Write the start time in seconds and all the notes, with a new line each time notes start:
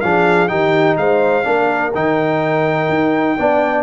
0.00 F3 D4 G#4 F5
0.48 D#3 D#4 G4 G5
0.97 G#3 C5 F5
1.44 A#3 D4 A#4
1.94 D#3 D#4 G5
2.89 D#4
3.37 B3 D4 D5